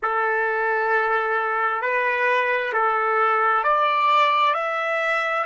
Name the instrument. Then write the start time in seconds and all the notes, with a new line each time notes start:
trumpet
0.02 A4
1.81 B4
2.72 A4
3.63 D5
4.54 E5